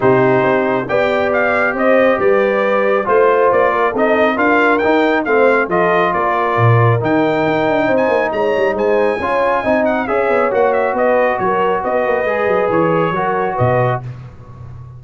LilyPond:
<<
  \new Staff \with { instrumentName = "trumpet" } { \time 4/4 \tempo 4 = 137 c''2 g''4 f''4 | dis''4 d''2 c''4 | d''4 dis''4 f''4 g''4 | f''4 dis''4 d''2 |
g''2~ g''16 gis''8. ais''4 | gis''2~ gis''8 fis''8 e''4 | fis''8 e''8 dis''4 cis''4 dis''4~ | dis''4 cis''2 dis''4 | }
  \new Staff \with { instrumentName = "horn" } { \time 4/4 g'2 d''2 | c''4 b'2 c''4~ | c''8 ais'8 a'4 ais'2 | c''4 a'4 ais'2~ |
ais'2 c''4 cis''4 | c''4 cis''4 dis''4 cis''4~ | cis''4 b'4 ais'4 b'4~ | b'2 ais'4 b'4 | }
  \new Staff \with { instrumentName = "trombone" } { \time 4/4 dis'2 g'2~ | g'2. f'4~ | f'4 dis'4 f'4 dis'4 | c'4 f'2. |
dis'1~ | dis'4 f'4 dis'4 gis'4 | fis'1 | gis'2 fis'2 | }
  \new Staff \with { instrumentName = "tuba" } { \time 4/4 c4 c'4 b2 | c'4 g2 a4 | ais4 c'4 d'4 dis'4 | a4 f4 ais4 ais,4 |
dis4 dis'8 d'8 c'8 ais8 gis8 g8 | gis4 cis'4 c'4 cis'8 b8 | ais4 b4 fis4 b8 ais8 | gis8 fis8 e4 fis4 b,4 | }
>>